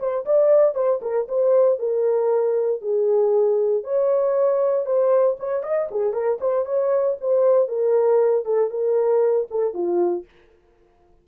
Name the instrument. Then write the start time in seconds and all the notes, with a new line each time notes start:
horn
0.00 C5
0.26 D5
0.75 C5
1.02 A#4
1.29 C5
1.79 A#4
2.82 G#4
3.84 C#5
4.86 C5
5.40 C#5
5.63 D#5
5.91 G#4
6.13 A#4
6.41 C5
6.66 C#5
7.21 C5
7.69 A#4
8.45 A4
8.71 A#4
9.51 A4
9.74 F4